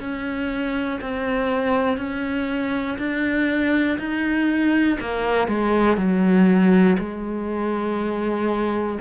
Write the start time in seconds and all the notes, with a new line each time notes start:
0.00 C#4
1.01 C4
1.97 C#4
2.98 D4
3.99 D#4
5.00 A#3
5.48 G#3
5.97 F#3
6.99 G#3